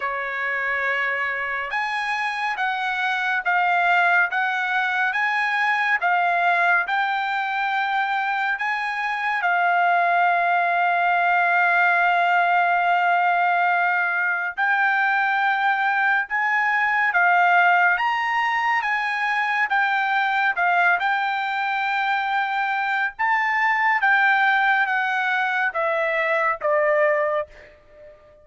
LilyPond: \new Staff \with { instrumentName = "trumpet" } { \time 4/4 \tempo 4 = 70 cis''2 gis''4 fis''4 | f''4 fis''4 gis''4 f''4 | g''2 gis''4 f''4~ | f''1~ |
f''4 g''2 gis''4 | f''4 ais''4 gis''4 g''4 | f''8 g''2~ g''8 a''4 | g''4 fis''4 e''4 d''4 | }